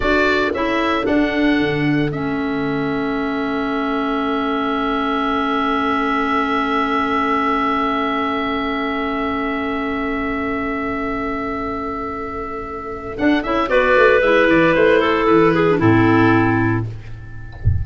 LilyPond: <<
  \new Staff \with { instrumentName = "oboe" } { \time 4/4 \tempo 4 = 114 d''4 e''4 fis''2 | e''1~ | e''1~ | e''1~ |
e''1~ | e''1~ | e''4 fis''8 e''8 d''4 e''8 d''8 | c''4 b'4 a'2 | }
  \new Staff \with { instrumentName = "clarinet" } { \time 4/4 a'1~ | a'1~ | a'1~ | a'1~ |
a'1~ | a'1~ | a'2 b'2~ | b'8 a'4 gis'8 e'2 | }
  \new Staff \with { instrumentName = "clarinet" } { \time 4/4 fis'4 e'4 d'2 | cis'1~ | cis'1~ | cis'1~ |
cis'1~ | cis'1~ | cis'4 d'8 e'8 fis'4 e'4~ | e'4.~ e'16 d'16 c'2 | }
  \new Staff \with { instrumentName = "tuba" } { \time 4/4 d'4 cis'4 d'4 d4 | a1~ | a1~ | a1~ |
a1~ | a1~ | a4 d'8 cis'8 b8 a8 gis8 e8 | a4 e4 a,2 | }
>>